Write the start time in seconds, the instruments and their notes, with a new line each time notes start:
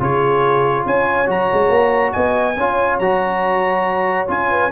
0.00 tuba C#3, trombone F4, horn G#4, trumpet C#5
0.86 tuba C#4, horn C#5, trumpet G#5
1.26 tuba F#3, trombone F#4, trumpet A#5
1.53 tuba G#3
1.69 tuba A#3
2.12 tuba B3, horn D#5, trumpet G#5
2.57 tuba C#4, trombone F4, horn C#5
2.99 tuba F#3, trombone F#4, trumpet A#5
4.28 tuba C#4, trombone F4, trumpet G#5
4.50 horn B4